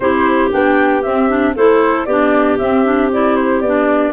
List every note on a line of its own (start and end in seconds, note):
0.00 0.50 C4
0.00 0.51 E4
0.00 1.55 G4
0.00 0.50 C5
0.51 1.05 B3
0.51 1.03 D4
0.51 1.02 G5
1.02 1.29 C4
1.02 1.55 C4
1.02 1.54 E5
1.29 1.55 D4
1.55 2.06 A3
1.55 2.08 E4
1.55 2.06 A4
1.55 2.05 C5
2.05 2.58 B3
2.05 2.59 D4
2.05 4.13 G4
2.05 2.57 D5
2.58 3.61 C4
2.58 2.84 C4
2.58 3.09 E5
2.84 3.10 D4
3.12 3.64 E4
3.12 3.35 D5
3.35 3.61 C5
3.61 4.12 B3
3.61 4.13 D4
3.61 4.12 D5